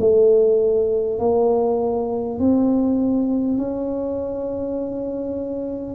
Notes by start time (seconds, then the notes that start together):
0.00 A3
1.19 A#3
2.39 C4
3.58 C#4